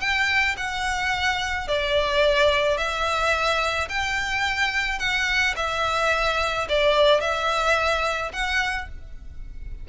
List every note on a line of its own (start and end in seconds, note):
0.00 0.56 G5
0.57 1.67 F#5
1.67 2.77 D5
2.77 3.88 E5
3.89 4.99 G5
4.99 5.54 F#5
5.56 6.67 E5
6.69 7.20 D5
7.20 8.32 E5
8.32 8.88 F#5